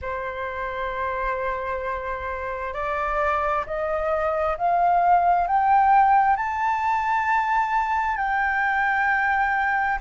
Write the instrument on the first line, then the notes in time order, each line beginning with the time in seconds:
flute
0.01 C5
2.73 D5
3.66 D#5
4.57 F5
5.47 G5
6.36 A5
8.17 G5